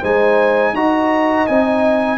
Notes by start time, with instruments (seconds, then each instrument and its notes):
0.00 tuba G#3, trombone D#4, horn C5, trumpet G#5
0.73 tuba D#4, trombone F#4, horn D#5, trumpet A#5
1.47 tuba C4, trombone D#4, trumpet G#5